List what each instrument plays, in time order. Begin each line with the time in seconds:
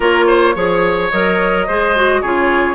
0.00 bassoon A#3, clarinet F4, oboe A#4, flute C#5
0.27 oboe C5
0.55 bassoon F3, clarinet G#4, oboe C#5
1.11 bassoon F#3, clarinet A#4, flute D#5
1.67 bassoon G#3, clarinet G#4, oboe C5
1.95 clarinet F#4
2.21 bassoon C#3, clarinet F4, oboe G#4, flute C#5